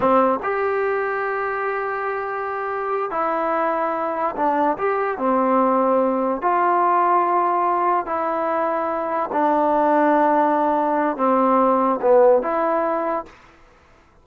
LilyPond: \new Staff \with { instrumentName = "trombone" } { \time 4/4 \tempo 4 = 145 c'4 g'2.~ | g'2.~ g'8 e'8~ | e'2~ e'8 d'4 g'8~ | g'8 c'2. f'8~ |
f'2.~ f'8 e'8~ | e'2~ e'8 d'4.~ | d'2. c'4~ | c'4 b4 e'2 | }